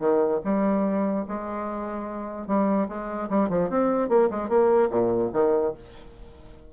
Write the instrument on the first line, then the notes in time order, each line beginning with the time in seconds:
bassoon
0.00 D#3
0.45 G3
1.29 G#3
2.47 G3
2.89 G#3
3.30 G3
3.50 F3
3.70 C4
4.09 A#3
4.31 G#3
4.49 A#3
4.91 A#2
5.33 D#3